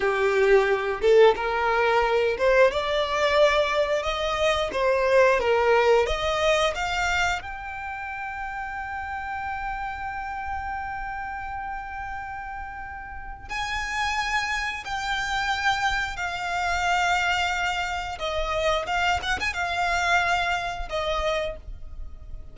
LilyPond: \new Staff \with { instrumentName = "violin" } { \time 4/4 \tempo 4 = 89 g'4. a'8 ais'4. c''8 | d''2 dis''4 c''4 | ais'4 dis''4 f''4 g''4~ | g''1~ |
g''1 | gis''2 g''2 | f''2. dis''4 | f''8 fis''16 gis''16 f''2 dis''4 | }